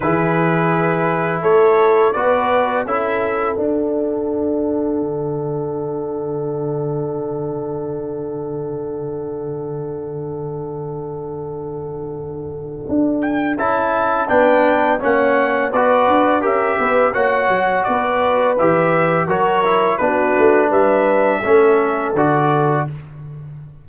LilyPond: <<
  \new Staff \with { instrumentName = "trumpet" } { \time 4/4 \tempo 4 = 84 b'2 cis''4 d''4 | e''4 fis''2.~ | fis''1~ | fis''1~ |
fis''2~ fis''8 g''8 a''4 | g''4 fis''4 d''4 e''4 | fis''4 d''4 e''4 cis''4 | b'4 e''2 d''4 | }
  \new Staff \with { instrumentName = "horn" } { \time 4/4 gis'2 a'4 b'4 | a'1~ | a'1~ | a'1~ |
a'1 | b'4 cis''4 b'4 ais'8 b'8 | cis''4 b'2 ais'4 | fis'4 b'4 a'2 | }
  \new Staff \with { instrumentName = "trombone" } { \time 4/4 e'2. fis'4 | e'4 d'2.~ | d'1~ | d'1~ |
d'2. e'4 | d'4 cis'4 fis'4 g'4 | fis'2 g'4 fis'8 e'8 | d'2 cis'4 fis'4 | }
  \new Staff \with { instrumentName = "tuba" } { \time 4/4 e2 a4 b4 | cis'4 d'2 d4~ | d1~ | d1~ |
d2 d'4 cis'4 | b4 ais4 b8 d'8 cis'8 b8 | ais8 fis8 b4 e4 fis4 | b8 a8 g4 a4 d4 | }
>>